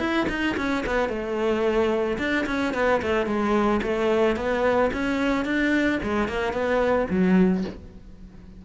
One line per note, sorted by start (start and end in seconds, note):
0.00 0.27 E4
0.30 0.57 D#4
0.58 0.85 C#4
0.87 1.09 B3
1.09 2.18 A3
2.19 2.46 D4
2.47 2.74 C#4
2.74 3.02 B3
3.03 3.27 A3
3.27 3.81 G#3
3.83 4.37 A3
4.37 4.91 B3
4.94 5.45 C#4
5.45 6.00 D4
6.03 6.29 G#3
6.29 6.54 A#3
6.54 7.08 B3
7.10 7.65 F#3